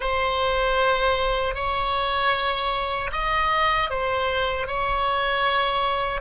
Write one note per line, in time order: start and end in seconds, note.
0.00 1.54 C5
1.54 3.10 C#5
3.12 3.90 D#5
3.90 4.67 C5
4.67 6.21 C#5